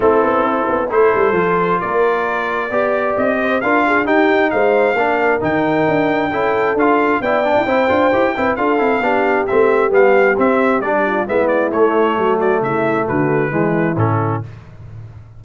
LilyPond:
<<
  \new Staff \with { instrumentName = "trumpet" } { \time 4/4 \tempo 4 = 133 a'2 c''2 | d''2. dis''4 | f''4 g''4 f''2 | g''2. f''4 |
g''2. f''4~ | f''4 e''4 f''4 e''4 | d''4 e''8 d''8 cis''4. d''8 | e''4 b'2 a'4 | }
  \new Staff \with { instrumentName = "horn" } { \time 4/4 e'2 a'2 | ais'2 d''4. c''8 | ais'8 gis'8 g'4 c''4 ais'4~ | ais'2 a'2 |
d''4 c''4. b'8 a'4 | g'1~ | g'8 f'8 e'2 fis'4 | e'4 fis'4 e'2 | }
  \new Staff \with { instrumentName = "trombone" } { \time 4/4 c'2 e'4 f'4~ | f'2 g'2 | f'4 dis'2 d'4 | dis'2 e'4 f'4 |
e'8 d'8 e'8 f'8 g'8 e'8 f'8 e'8 | d'4 c'4 b4 c'4 | d'4 b4 a2~ | a2 gis4 cis'4 | }
  \new Staff \with { instrumentName = "tuba" } { \time 4/4 a8 b8 c'8 b8 a8 g8 f4 | ais2 b4 c'4 | d'4 dis'4 gis4 ais4 | dis4 d'4 cis'4 d'4 |
b8. e'16 c'8 d'8 e'8 c'8 d'8 c'8 | b4 a4 g4 c'4 | g4 gis4 a4 fis4 | cis4 d4 e4 a,4 | }
>>